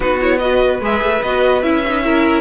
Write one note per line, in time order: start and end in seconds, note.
0.00 0.80 B3
0.00 0.18 D#4
0.00 0.40 F#4
0.00 0.20 B4
0.20 0.41 E4
0.20 0.38 C#5
0.38 0.81 F#4
0.38 2.03 B4
0.38 0.79 D#5
0.80 1.01 G#3
0.80 1.23 G#4
0.80 1.22 E5
1.02 1.22 A3
1.22 1.62 B3
1.22 1.62 F#4
1.22 1.62 D#5
1.62 2.41 C#4
1.62 1.83 E4
1.62 2.41 E5
1.87 2.02 D#4
2.02 2.41 E4
2.02 2.41 A#4